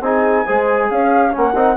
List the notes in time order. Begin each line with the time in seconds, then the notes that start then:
0.00 C4 D#4 G#4 G#5
0.46 G#3 G#4 C5
0.90 C#4 C#5 F5
1.31 A#3 C#4 A#4 F#5
1.54 C4 D#4